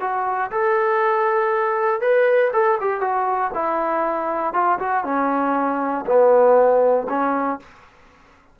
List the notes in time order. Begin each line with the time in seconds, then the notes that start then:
0.00 F#4
0.51 A4
2.01 B4
2.53 A4
2.80 G4
3.01 F#4
3.54 E4
4.54 F4
4.79 F#4
5.04 C#4
6.06 B3
7.09 C#4